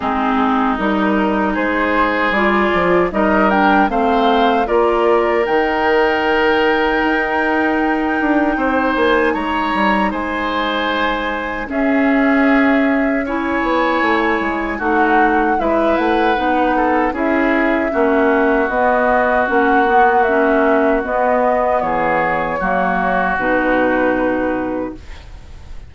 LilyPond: <<
  \new Staff \with { instrumentName = "flute" } { \time 4/4 \tempo 4 = 77 gis'4 ais'4 c''4 d''4 | dis''8 g''8 f''4 d''4 g''4~ | g''2.~ g''8 gis''8 | ais''4 gis''2 e''4~ |
e''4 gis''2 fis''4 | e''8 fis''4. e''2 | dis''4 fis''4 e''4 dis''4 | cis''2 b'2 | }
  \new Staff \with { instrumentName = "oboe" } { \time 4/4 dis'2 gis'2 | ais'4 c''4 ais'2~ | ais'2. c''4 | cis''4 c''2 gis'4~ |
gis'4 cis''2 fis'4 | b'4. a'8 gis'4 fis'4~ | fis'1 | gis'4 fis'2. | }
  \new Staff \with { instrumentName = "clarinet" } { \time 4/4 c'4 dis'2 f'4 | dis'8 d'8 c'4 f'4 dis'4~ | dis'1~ | dis'2. cis'4~ |
cis'4 e'2 dis'4 | e'4 dis'4 e'4 cis'4 | b4 cis'8 b8 cis'4 b4~ | b4 ais4 dis'2 | }
  \new Staff \with { instrumentName = "bassoon" } { \time 4/4 gis4 g4 gis4 g8 f8 | g4 a4 ais4 dis4~ | dis4 dis'4. d'8 c'8 ais8 | gis8 g8 gis2 cis'4~ |
cis'4. b8 a8 gis8 a4 | gis8 a8 b4 cis'4 ais4 | b4 ais2 b4 | e4 fis4 b,2 | }
>>